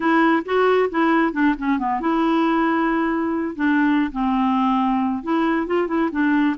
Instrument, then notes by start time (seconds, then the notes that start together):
clarinet
0.00 E4
0.45 F#4
0.90 E4
1.32 D4
1.58 C#4
1.78 B3
2.00 E4
3.55 D4
4.12 C4
5.23 E4
5.66 F4
5.87 E4
6.11 D4